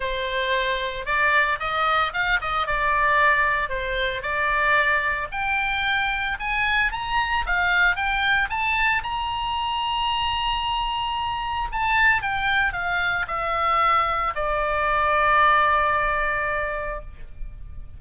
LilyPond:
\new Staff \with { instrumentName = "oboe" } { \time 4/4 \tempo 4 = 113 c''2 d''4 dis''4 | f''8 dis''8 d''2 c''4 | d''2 g''2 | gis''4 ais''4 f''4 g''4 |
a''4 ais''2.~ | ais''2 a''4 g''4 | f''4 e''2 d''4~ | d''1 | }